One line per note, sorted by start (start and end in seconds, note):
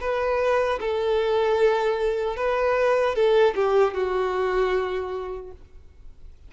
0.00 0.79 B4
0.80 2.36 A4
2.36 3.15 B4
3.15 3.54 A4
3.55 3.93 G4
3.93 5.51 F#4